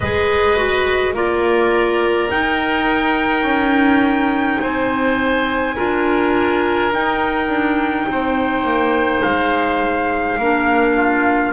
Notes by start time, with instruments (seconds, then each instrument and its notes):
0.00 double bass G#3, clarinet G#4, oboe B4, trumpet D#5
0.56 clarinet F#4
1.13 double bass A#3, clarinet F4, oboe A#4, trumpet D5
2.30 clarinet D#4, double bass D#4, trumpet G5
3.42 double bass C#4
4.61 double bass C4, oboe C5, trumpet G#5
5.75 double bass D4, clarinet F4, oboe A#4
6.92 clarinet D#4, double bass D#4, trumpet G5
7.48 double bass D4
8.08 double bass C4, oboe C5
8.64 double bass A#3
9.22 double bass G#3, trumpet F5
10.37 double bass A#3, clarinet D4, oboe A#4
10.96 oboe F4